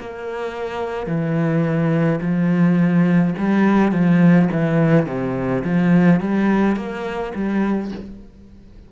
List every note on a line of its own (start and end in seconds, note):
0.00 1.07 A#3
1.07 2.20 E3
2.21 3.34 F3
3.38 3.92 G3
3.92 4.48 F3
4.52 5.06 E3
5.06 5.63 C3
5.64 6.20 F3
6.20 6.76 G3
6.76 7.33 A#3
7.35 7.91 G3